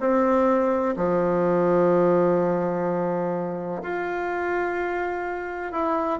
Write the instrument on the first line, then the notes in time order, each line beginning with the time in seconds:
bassoon
0.00 C4
0.96 F3
3.82 F4
5.72 E4